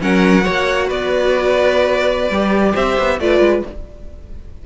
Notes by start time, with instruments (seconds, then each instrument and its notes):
0.00 cello F#3, viola C#4, violin A#4 F#5
0.41 cello A#3, viola F#4, violin C#5
0.87 cello B3, violin B4 D5
2.30 cello G3, viola G4
2.74 cello C4, violin C5 E5
2.99 cello B3
3.20 cello A3, viola F4, violin B4 D5
3.40 cello G#3